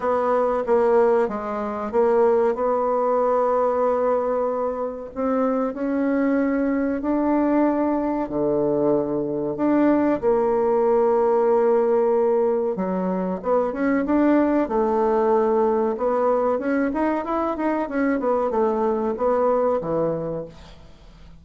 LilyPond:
\new Staff \with { instrumentName = "bassoon" } { \time 4/4 \tempo 4 = 94 b4 ais4 gis4 ais4 | b1 | c'4 cis'2 d'4~ | d'4 d2 d'4 |
ais1 | fis4 b8 cis'8 d'4 a4~ | a4 b4 cis'8 dis'8 e'8 dis'8 | cis'8 b8 a4 b4 e4 | }